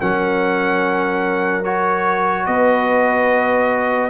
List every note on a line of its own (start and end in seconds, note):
0.00 2.47 F#3
0.00 1.64 C#4
0.00 2.48 A#4
0.00 1.64 F#5
1.64 4.10 F#4
1.64 2.46 C#5
2.46 4.10 B3
2.46 4.10 B4
2.46 4.10 D#5